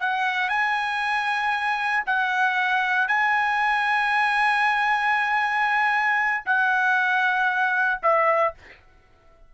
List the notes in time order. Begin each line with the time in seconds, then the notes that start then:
0.00 F#5
0.49 G#5
2.06 F#5
3.08 G#5
6.46 F#5
8.03 E5